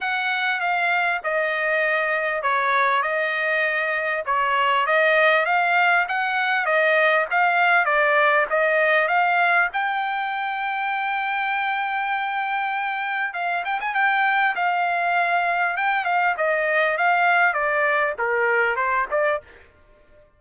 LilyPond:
\new Staff \with { instrumentName = "trumpet" } { \time 4/4 \tempo 4 = 99 fis''4 f''4 dis''2 | cis''4 dis''2 cis''4 | dis''4 f''4 fis''4 dis''4 | f''4 d''4 dis''4 f''4 |
g''1~ | g''2 f''8 g''16 gis''16 g''4 | f''2 g''8 f''8 dis''4 | f''4 d''4 ais'4 c''8 d''8 | }